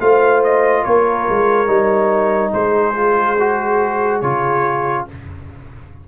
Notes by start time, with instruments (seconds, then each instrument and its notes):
0.00 tuba A3, trombone F4, horn C5, trumpet F5
0.43 trumpet D#5
0.83 tuba A#3, horn A#4, trumpet C#5
1.29 tuba G#3
1.67 tuba G3, trombone D#4
2.53 tuba G#3, horn G#4, trumpet C5
2.94 trombone F4
3.39 trombone F#4
4.21 tuba C#3, trombone F4, trumpet C#5